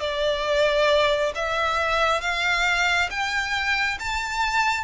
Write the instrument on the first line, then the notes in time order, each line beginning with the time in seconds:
violin
0.00 D5
1.35 E5
2.21 F5
3.10 G5
3.99 A5